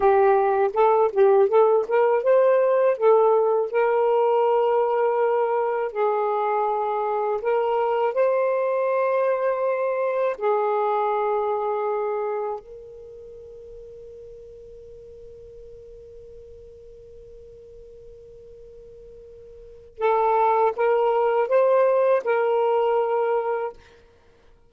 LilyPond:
\new Staff \with { instrumentName = "saxophone" } { \time 4/4 \tempo 4 = 81 g'4 a'8 g'8 a'8 ais'8 c''4 | a'4 ais'2. | gis'2 ais'4 c''4~ | c''2 gis'2~ |
gis'4 ais'2.~ | ais'1~ | ais'2. a'4 | ais'4 c''4 ais'2 | }